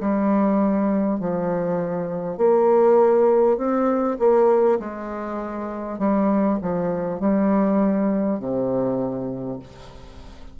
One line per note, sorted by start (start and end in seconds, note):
0.00 1.19 G3
1.19 2.37 F3
2.37 3.57 A#3
3.57 4.17 C4
4.19 4.79 A#3
4.79 5.98 G#3
5.98 6.58 G3
6.62 7.20 F3
7.20 8.39 G3
8.39 9.59 C3